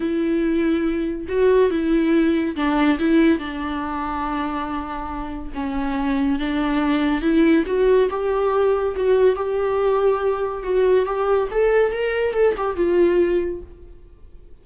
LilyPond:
\new Staff \with { instrumentName = "viola" } { \time 4/4 \tempo 4 = 141 e'2. fis'4 | e'2 d'4 e'4 | d'1~ | d'4 cis'2 d'4~ |
d'4 e'4 fis'4 g'4~ | g'4 fis'4 g'2~ | g'4 fis'4 g'4 a'4 | ais'4 a'8 g'8 f'2 | }